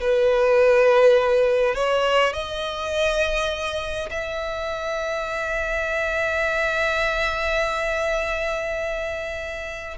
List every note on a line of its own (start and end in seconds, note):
0.00 1.75 B4
1.75 2.33 C#5
2.33 4.09 D#5
4.10 9.97 E5